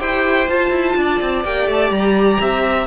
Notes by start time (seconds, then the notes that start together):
0.00 E4 G4 C5 G5
0.48 F4 A5
0.70 E4
0.97 D4 D5
1.21 C4
1.44 A#3 G4 G5
1.68 A3 A5
1.90 G3 A#5
2.41 C4 E5